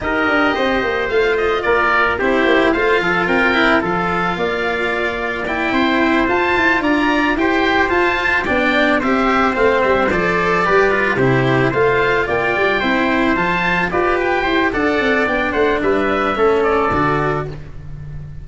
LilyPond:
<<
  \new Staff \with { instrumentName = "oboe" } { \time 4/4 \tempo 4 = 110 dis''2 f''8 dis''8 d''4 | c''4 f''4 g''4 f''4~ | f''2 g''4. a''8~ | a''8 ais''4 g''4 a''4 g''8~ |
g''8 e''4 f''8 e''8 d''4.~ | d''8 c''4 f''4 g''4.~ | g''8 a''4 d''8 g''4 fis''4 | g''8 fis''8 e''4. d''4. | }
  \new Staff \with { instrumentName = "trumpet" } { \time 4/4 ais'4 c''2 ais'4 | g'4 c''8 a'8 ais'4 a'4 | d''2~ d''8 c''4.~ | c''8 d''4 c''2 d''8~ |
d''8 c''2. b'8~ | b'8 g'4 c''4 d''4 c''8~ | c''4. b'4 c''8 d''4~ | d''8 c''8 b'4 a'2 | }
  \new Staff \with { instrumentName = "cello" } { \time 4/4 g'2 f'2 | e'4 f'4. e'8 f'4~ | f'2 e'4. f'8~ | f'4. g'4 f'4 d'8~ |
d'8 g'4 c'4 a'4 g'8 | f'8 e'4 f'2 e'8~ | e'8 f'4 g'4. a'4 | d'2 cis'4 fis'4 | }
  \new Staff \with { instrumentName = "tuba" } { \time 4/4 dis'8 d'8 c'8 ais8 a4 ais4 | c'8 ais8 a8 f8 c'4 f4 | ais2~ ais8 c'4 f'8 | e'8 d'4 e'4 f'4 b8~ |
b8 c'4 a8 g8 f4 g8~ | g8 c4 a4 ais8 g8 c'8~ | c'8 f4 f'4 e'8 d'8 c'8 | b8 a8 g4 a4 d4 | }
>>